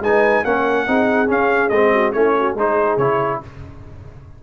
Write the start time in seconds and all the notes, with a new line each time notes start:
0.00 G#3 D#4 B4 G#5
0.45 A#3 C#4 A#4 F#5
0.87 C4 D#4 G#4
1.27 C#4 F5
1.69 G#3 C4 D#5
1.92 F#4
2.13 A3 C#4 E4 C#5
2.38 F#4
2.55 G#3 D#4 G#4 C5
2.97 C#3 E4 C#5